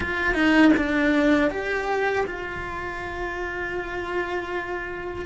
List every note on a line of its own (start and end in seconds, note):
0.00 0.34 F4
0.34 0.71 D#4
0.76 1.50 D4
1.50 2.25 G4
2.26 5.25 F4